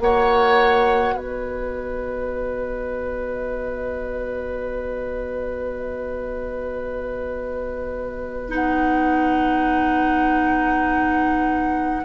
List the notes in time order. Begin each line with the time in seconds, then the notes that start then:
0.00 A#3 F#4 C#5 F#5
1.15 B3 B4 D#5
8.49 D#4 F#5